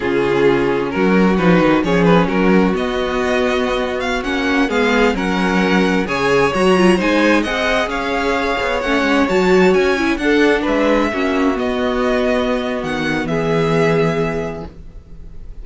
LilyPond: <<
  \new Staff \with { instrumentName = "violin" } { \time 4/4 \tempo 4 = 131 gis'2 ais'4 b'4 | cis''8 b'8 ais'4 dis''2~ | dis''8. f''8 fis''4 f''4 fis''8.~ | fis''4~ fis''16 gis''4 ais''4 gis''8.~ |
gis''16 fis''4 f''2 fis''8.~ | fis''16 a''4 gis''4 fis''4 e''8.~ | e''4~ e''16 dis''2~ dis''8. | fis''4 e''2. | }
  \new Staff \with { instrumentName = "violin" } { \time 4/4 f'2 fis'2 | gis'4 fis'2.~ | fis'2~ fis'16 gis'4 ais'8.~ | ais'4~ ais'16 cis''2 c''8.~ |
c''16 dis''4 cis''2~ cis''8.~ | cis''2~ cis''16 a'4 b'8.~ | b'16 fis'2.~ fis'8.~ | fis'4 gis'2. | }
  \new Staff \with { instrumentName = "viola" } { \time 4/4 cis'2. dis'4 | cis'2 b2~ | b4~ b16 cis'4 b4 cis'8.~ | cis'4~ cis'16 gis'4 fis'8 f'8 dis'8.~ |
dis'16 gis'2. cis'8.~ | cis'16 fis'4. e'8 d'4.~ d'16~ | d'16 cis'4 b2~ b8.~ | b1 | }
  \new Staff \with { instrumentName = "cello" } { \time 4/4 cis2 fis4 f8 dis8 | f4 fis4 b2~ | b4~ b16 ais4 gis4 fis8.~ | fis4~ fis16 cis4 fis4 gis8.~ |
gis16 c'4 cis'4. b8 a8 gis16~ | gis16 fis4 cis'4 d'4 gis8.~ | gis16 ais4 b2~ b8. | dis4 e2. | }
>>